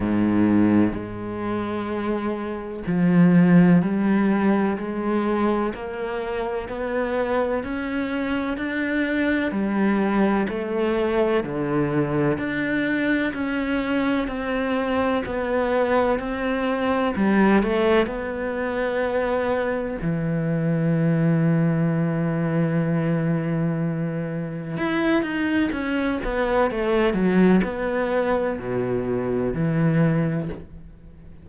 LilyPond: \new Staff \with { instrumentName = "cello" } { \time 4/4 \tempo 4 = 63 gis,4 gis2 f4 | g4 gis4 ais4 b4 | cis'4 d'4 g4 a4 | d4 d'4 cis'4 c'4 |
b4 c'4 g8 a8 b4~ | b4 e2.~ | e2 e'8 dis'8 cis'8 b8 | a8 fis8 b4 b,4 e4 | }